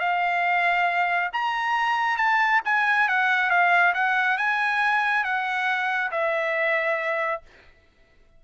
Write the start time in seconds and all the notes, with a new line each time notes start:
0.00 F5
1.33 A#5
2.17 A5
2.65 G#5
3.09 F#5
3.50 F5
3.94 F#5
4.38 G#5
5.24 F#5
6.11 E5